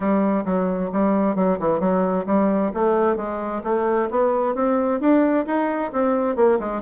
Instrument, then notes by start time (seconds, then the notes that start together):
bassoon
0.00 G3
0.45 F#3
0.92 G3
1.35 F#3
1.59 E3
1.80 F#3
2.26 G3
2.74 A3
3.16 G#3
3.63 A3
4.10 B3
4.54 C4
5.00 D4
5.46 D#4
5.92 C4
6.36 A#3
6.59 G#3